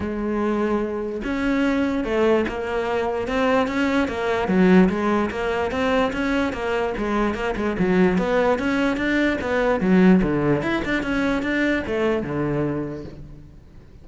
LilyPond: \new Staff \with { instrumentName = "cello" } { \time 4/4 \tempo 4 = 147 gis2. cis'4~ | cis'4 a4 ais2 | c'4 cis'4 ais4 fis4 | gis4 ais4 c'4 cis'4 |
ais4 gis4 ais8 gis8 fis4 | b4 cis'4 d'4 b4 | fis4 d4 e'8 d'8 cis'4 | d'4 a4 d2 | }